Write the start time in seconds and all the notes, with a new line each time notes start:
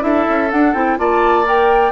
0.00 D4 E4 A4 E5
0.29 C#4
0.50 D4 F#5
0.74 C4 E4 G5
0.97 A#3 F4 D5 A5
1.44 A#4 G5